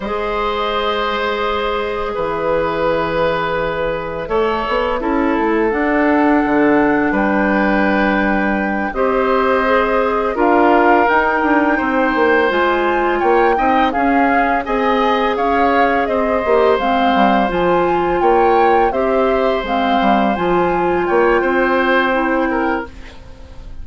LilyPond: <<
  \new Staff \with { instrumentName = "flute" } { \time 4/4 \tempo 4 = 84 dis''2. e''4~ | e''1 | fis''2 g''2~ | g''8 dis''2 f''4 g''8~ |
g''4. gis''4 g''4 f''8~ | f''8 gis''4 f''4 dis''4 f''8~ | f''8 gis''4 g''4 e''4 f''8~ | f''8 gis''4 g''2~ g''8 | }
  \new Staff \with { instrumentName = "oboe" } { \time 4/4 c''2. b'4~ | b'2 cis''4 a'4~ | a'2 b'2~ | b'8 c''2 ais'4.~ |
ais'8 c''2 cis''8 dis''8 gis'8~ | gis'8 dis''4 cis''4 c''4.~ | c''4. cis''4 c''4.~ | c''4. cis''8 c''4. ais'8 | }
  \new Staff \with { instrumentName = "clarinet" } { \time 4/4 gis'1~ | gis'2 a'4 e'4 | d'1~ | d'8 g'4 gis'4 f'4 dis'8~ |
dis'4. f'4. dis'8 cis'8~ | cis'8 gis'2~ gis'8 g'8 c'8~ | c'8 f'2 g'4 c'8~ | c'8 f'2~ f'8 e'4 | }
  \new Staff \with { instrumentName = "bassoon" } { \time 4/4 gis2. e4~ | e2 a8 b8 cis'8 a8 | d'4 d4 g2~ | g8 c'2 d'4 dis'8 |
d'8 c'8 ais8 gis4 ais8 c'8 cis'8~ | cis'8 c'4 cis'4 c'8 ais8 gis8 | g8 f4 ais4 c'4 gis8 | g8 f4 ais8 c'2 | }
>>